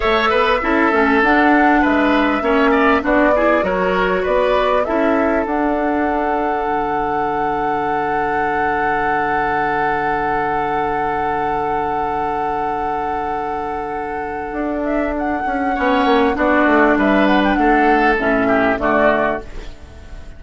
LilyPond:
<<
  \new Staff \with { instrumentName = "flute" } { \time 4/4 \tempo 4 = 99 e''2 fis''4 e''4~ | e''4 d''4 cis''4 d''4 | e''4 fis''2.~ | fis''1~ |
fis''1~ | fis''1~ | fis''8 e''8 fis''2 d''4 | e''8 fis''16 g''16 fis''4 e''4 d''4 | }
  \new Staff \with { instrumentName = "oboe" } { \time 4/4 cis''8 b'8 a'2 b'4 | cis''8 d''8 fis'8 gis'8 ais'4 b'4 | a'1~ | a'1~ |
a'1~ | a'1~ | a'2 cis''4 fis'4 | b'4 a'4. g'8 fis'4 | }
  \new Staff \with { instrumentName = "clarinet" } { \time 4/4 a'4 e'8 cis'8 d'2 | cis'4 d'8 e'8 fis'2 | e'4 d'2.~ | d'1~ |
d'1~ | d'1~ | d'2 cis'4 d'4~ | d'2 cis'4 a4 | }
  \new Staff \with { instrumentName = "bassoon" } { \time 4/4 a8 b8 cis'8 a8 d'4 gis4 | ais4 b4 fis4 b4 | cis'4 d'2 d4~ | d1~ |
d1~ | d1 | d'4. cis'8 b8 ais8 b8 a8 | g4 a4 a,4 d4 | }
>>